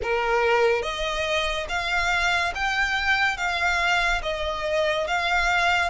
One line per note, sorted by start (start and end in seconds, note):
0.02 0.82 A#4
0.82 1.67 D#5
1.69 2.53 F5
2.54 3.37 G5
3.37 4.21 F5
4.22 5.07 D#5
5.07 5.90 F5